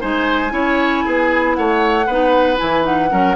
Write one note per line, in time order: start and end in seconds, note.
0.00 0.52 G#3
0.00 0.50 D#4
0.00 0.53 C5
0.00 1.54 G#5
0.50 1.04 C#4
0.50 2.05 E4
0.50 1.05 C#5
1.05 1.58 B3
1.05 1.57 G#4
1.54 2.07 A3
1.54 2.06 C#5
1.54 2.57 F#5
2.06 2.59 B3
2.06 2.57 D#4
2.06 3.10 B4
2.57 3.12 E3
2.57 2.82 E4
2.57 2.84 G#5
2.82 3.08 D#4
2.82 3.36 F#5
3.10 3.36 F#3
3.10 3.36 C#4
3.10 3.36 A#4